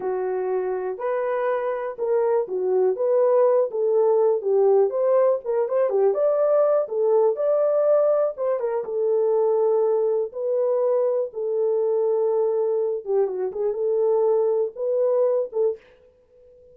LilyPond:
\new Staff \with { instrumentName = "horn" } { \time 4/4 \tempo 4 = 122 fis'2 b'2 | ais'4 fis'4 b'4. a'8~ | a'4 g'4 c''4 ais'8 c''8 | g'8 d''4. a'4 d''4~ |
d''4 c''8 ais'8 a'2~ | a'4 b'2 a'4~ | a'2~ a'8 g'8 fis'8 gis'8 | a'2 b'4. a'8 | }